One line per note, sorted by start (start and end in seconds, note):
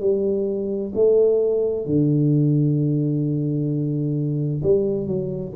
0.00 0.92 G3
0.95 1.86 A3
1.86 4.63 D3
4.63 5.07 G3
5.07 5.53 F#3